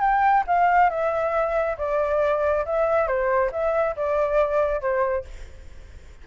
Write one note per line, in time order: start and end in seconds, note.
0.00 0.43 G5
0.47 0.90 F5
0.90 1.76 E5
1.78 2.65 D5
2.65 3.07 E5
3.07 3.51 C5
3.52 3.95 E5
3.96 4.81 D5
4.81 5.24 C5